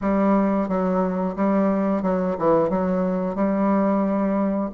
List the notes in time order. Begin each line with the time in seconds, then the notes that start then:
0.01 G3
0.68 F#3
1.35 G3
2.02 F#3
2.38 E3
2.69 F#3
3.35 G3